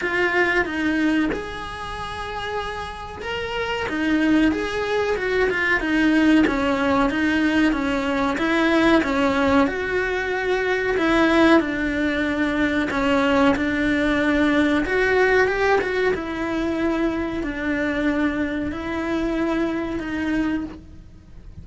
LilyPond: \new Staff \with { instrumentName = "cello" } { \time 4/4 \tempo 4 = 93 f'4 dis'4 gis'2~ | gis'4 ais'4 dis'4 gis'4 | fis'8 f'8 dis'4 cis'4 dis'4 | cis'4 e'4 cis'4 fis'4~ |
fis'4 e'4 d'2 | cis'4 d'2 fis'4 | g'8 fis'8 e'2 d'4~ | d'4 e'2 dis'4 | }